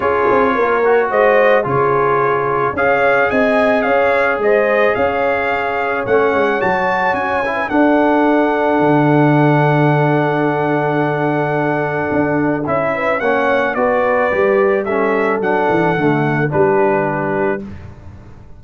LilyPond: <<
  \new Staff \with { instrumentName = "trumpet" } { \time 4/4 \tempo 4 = 109 cis''2 dis''4 cis''4~ | cis''4 f''4 gis''4 f''4 | dis''4 f''2 fis''4 | a''4 gis''4 fis''2~ |
fis''1~ | fis''2. e''4 | fis''4 d''2 e''4 | fis''2 b'2 | }
  \new Staff \with { instrumentName = "horn" } { \time 4/4 gis'4 ais'4 c''4 gis'4~ | gis'4 cis''4 dis''4 cis''4 | c''4 cis''2.~ | cis''4.~ cis''16 b'16 a'2~ |
a'1~ | a'2.~ a'8 b'8 | cis''4 b'2 a'4~ | a'2 g'2 | }
  \new Staff \with { instrumentName = "trombone" } { \time 4/4 f'4. fis'4. f'4~ | f'4 gis'2.~ | gis'2. cis'4 | fis'4. e'8 d'2~ |
d'1~ | d'2. e'4 | cis'4 fis'4 g'4 cis'4 | d'4 a4 d'2 | }
  \new Staff \with { instrumentName = "tuba" } { \time 4/4 cis'8 c'8 ais4 gis4 cis4~ | cis4 cis'4 c'4 cis'4 | gis4 cis'2 a8 gis8 | fis4 cis'4 d'2 |
d1~ | d2 d'4 cis'4 | ais4 b4 g2 | fis8 e8 d4 g2 | }
>>